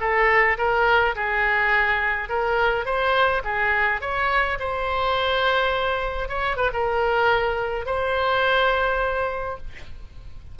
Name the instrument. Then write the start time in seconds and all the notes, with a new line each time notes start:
oboe
0.00 A4
0.58 A#4
1.15 G#4
2.29 A#4
2.85 C5
3.44 G#4
4.01 C#5
4.59 C5
6.28 C#5
6.56 B4
6.73 A#4
7.85 C5